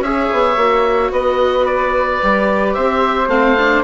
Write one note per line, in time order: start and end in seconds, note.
0.00 0.27 C#4
0.00 0.57 G#4
0.00 1.13 C#5
0.00 1.12 E5
0.33 0.56 B3
0.56 1.11 A#3
0.56 2.21 F#4
1.11 2.20 B3
1.11 2.75 B4
1.11 1.66 D#5
1.66 2.74 D5
2.22 2.77 G3
2.22 3.29 G4
2.74 3.28 C4
2.74 3.84 C5
2.74 3.29 E5
3.28 3.83 A3
3.28 3.56 C4
3.28 3.84 F5
3.59 3.84 D4